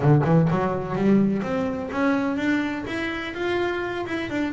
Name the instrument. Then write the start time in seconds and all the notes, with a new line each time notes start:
double bass
0.00 D3
0.24 E3
0.50 F#3
0.95 G3
1.42 C4
1.91 C#4
2.36 D4
2.86 E4
3.34 F4
4.06 E4
4.30 D4